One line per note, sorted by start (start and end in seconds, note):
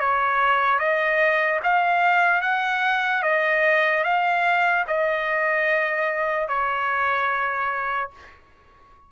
0.00 0.79 C#5
0.79 1.60 D#5
1.64 2.42 F5
2.42 3.23 F#5
3.23 4.04 D#5
4.04 4.85 F5
4.88 6.49 D#5
6.49 8.11 C#5